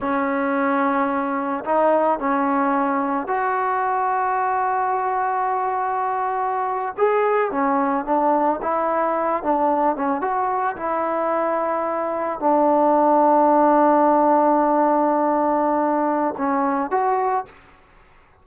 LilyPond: \new Staff \with { instrumentName = "trombone" } { \time 4/4 \tempo 4 = 110 cis'2. dis'4 | cis'2 fis'2~ | fis'1~ | fis'8. gis'4 cis'4 d'4 e'16~ |
e'4~ e'16 d'4 cis'8 fis'4 e'16~ | e'2~ e'8. d'4~ d'16~ | d'1~ | d'2 cis'4 fis'4 | }